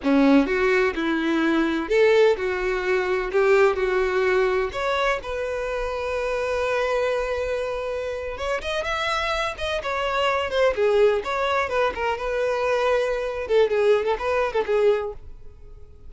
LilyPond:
\new Staff \with { instrumentName = "violin" } { \time 4/4 \tempo 4 = 127 cis'4 fis'4 e'2 | a'4 fis'2 g'4 | fis'2 cis''4 b'4~ | b'1~ |
b'4.~ b'16 cis''8 dis''8 e''4~ e''16~ | e''16 dis''8 cis''4. c''8 gis'4 cis''16~ | cis''8. b'8 ais'8 b'2~ b'16~ | b'8 a'8 gis'8. a'16 b'8. a'16 gis'4 | }